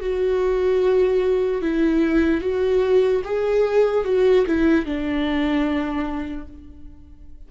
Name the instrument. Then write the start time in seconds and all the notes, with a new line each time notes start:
viola
0.00 F#4
1.61 E4
2.41 F#4
3.24 G#4
4.04 F#4
4.46 E4
4.85 D4